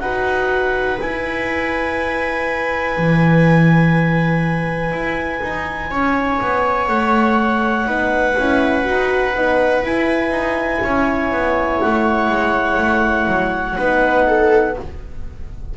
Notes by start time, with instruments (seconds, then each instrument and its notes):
0.00 double bass D#4, horn F#4, viola B4, clarinet F#5
1.00 horn E4, double bass E4, clarinet G#5
2.97 double bass E3
4.92 double bass E4
5.42 double bass D#4
5.91 double bass C#4, viola C#5
6.41 double bass B3
6.88 double bass A3, clarinet F#5
7.86 double bass B3, horn D#4, viola B4
8.38 double bass C#4, horn E4
8.83 double bass D#4, horn F#4
9.36 double bass B3, horn D#4
9.82 horn E4, double bass E4, clarinet G#5
10.30 double bass D#4
10.84 double bass C#4, viola C#5
11.31 double bass B3
11.81 double bass A3, clarinet F#5
12.29 double bass G#3
12.78 double bass A3
13.28 double bass F#3
13.77 double bass B3, horn D#4, viola B4
14.28 viola A4